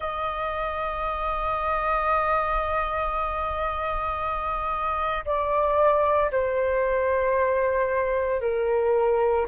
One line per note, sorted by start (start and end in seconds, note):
0.00 5.24 D#5
5.25 6.30 D5
6.31 8.41 C5
8.41 9.46 A#4